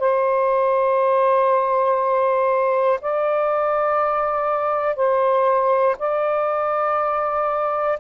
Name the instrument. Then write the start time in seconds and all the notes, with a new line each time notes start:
saxophone
0.00 C5
3.01 D5
4.96 C5
5.99 D5